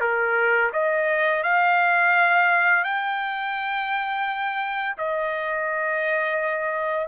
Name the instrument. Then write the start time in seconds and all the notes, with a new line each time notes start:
trumpet
0.00 A#4
0.73 D#5
1.43 F5
2.84 G5
4.97 D#5